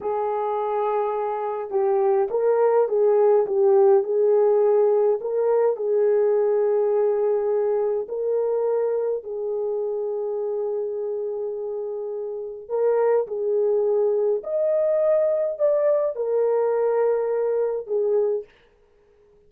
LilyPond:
\new Staff \with { instrumentName = "horn" } { \time 4/4 \tempo 4 = 104 gis'2. g'4 | ais'4 gis'4 g'4 gis'4~ | gis'4 ais'4 gis'2~ | gis'2 ais'2 |
gis'1~ | gis'2 ais'4 gis'4~ | gis'4 dis''2 d''4 | ais'2. gis'4 | }